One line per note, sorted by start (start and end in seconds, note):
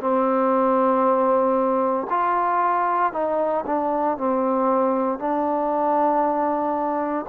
0.00 2.07 C4
2.10 3.13 F4
3.13 3.65 D#4
3.66 4.18 D4
4.18 5.19 C4
5.19 7.26 D4